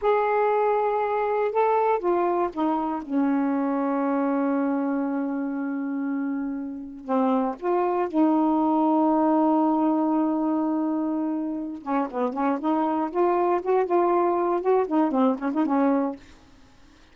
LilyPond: \new Staff \with { instrumentName = "saxophone" } { \time 4/4 \tempo 4 = 119 gis'2. a'4 | f'4 dis'4 cis'2~ | cis'1~ | cis'2 c'4 f'4 |
dis'1~ | dis'2.~ dis'8 cis'8 | b8 cis'8 dis'4 f'4 fis'8 f'8~ | f'4 fis'8 dis'8 c'8 cis'16 dis'16 cis'4 | }